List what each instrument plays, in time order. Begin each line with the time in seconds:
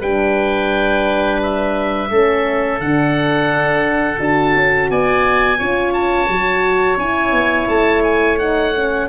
0.00 tuba G3, horn D4, oboe B4 G5
1.43 oboe E5
2.10 tuba A3, horn C#4, oboe A4
2.80 tuba D3, horn D4, oboe F#5
4.18 tuba D4, horn F#4, oboe A5
4.55 tuba C#4
4.90 tuba B3, oboe D5 G#5
5.58 tuba C#4, horn F4, oboe C#5
5.93 oboe A5
6.29 tuba F#3, horn F#4
6.97 tuba C#4, horn E4, oboe G#5
7.32 tuba B3
7.68 tuba A3, oboe A5
8.04 oboe G#5
8.39 horn D#4, oboe F#5
8.76 horn C#4